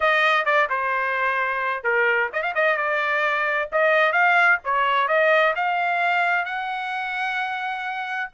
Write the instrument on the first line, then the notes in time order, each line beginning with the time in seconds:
trumpet
0.00 D#5
0.45 D5
0.69 C5
1.83 A#4
2.33 D#5
2.42 F5
2.54 D#5
2.77 D5
3.72 D#5
4.12 F5
4.64 C#5
5.07 D#5
5.55 F5
6.45 F#5